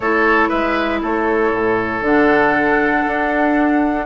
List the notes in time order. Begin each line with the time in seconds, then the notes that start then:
0.00 A3 E4 A4 C#5
0.48 G#3 B4 E5
1.02 A3 A4 C#5
1.51 A2
2.01 D3 D4 F#5
3.07 D4